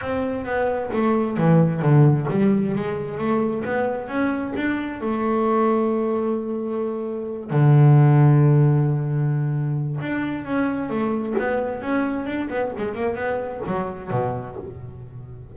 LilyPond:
\new Staff \with { instrumentName = "double bass" } { \time 4/4 \tempo 4 = 132 c'4 b4 a4 e4 | d4 g4 gis4 a4 | b4 cis'4 d'4 a4~ | a1~ |
a8 d2.~ d8~ | d2 d'4 cis'4 | a4 b4 cis'4 d'8 b8 | gis8 ais8 b4 fis4 b,4 | }